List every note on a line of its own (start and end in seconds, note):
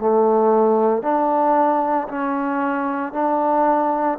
0.00 1.03 A3
1.03 2.08 D4
2.09 3.13 C#4
3.13 4.19 D4